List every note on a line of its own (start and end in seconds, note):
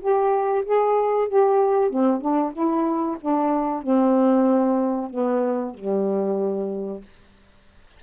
0.00 0.64 G4
0.65 1.28 G#4
1.28 1.90 G4
1.90 2.21 C4
2.21 2.53 D4
2.53 3.17 E4
3.21 3.82 D4
3.82 5.10 C4
5.10 5.74 B3
5.74 7.02 G3